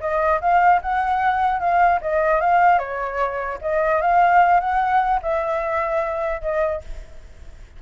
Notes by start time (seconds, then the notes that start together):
0.00 D#5
0.41 F5
0.81 F#5
1.60 F5
2.01 D#5
2.40 F5
2.78 C#5
3.61 D#5
4.01 F5
4.60 F#5
5.22 E5
6.41 D#5